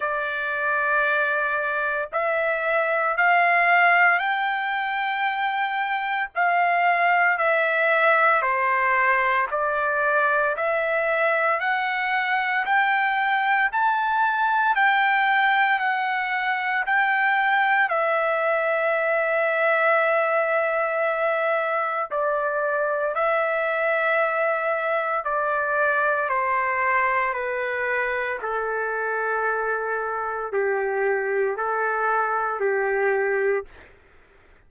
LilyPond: \new Staff \with { instrumentName = "trumpet" } { \time 4/4 \tempo 4 = 57 d''2 e''4 f''4 | g''2 f''4 e''4 | c''4 d''4 e''4 fis''4 | g''4 a''4 g''4 fis''4 |
g''4 e''2.~ | e''4 d''4 e''2 | d''4 c''4 b'4 a'4~ | a'4 g'4 a'4 g'4 | }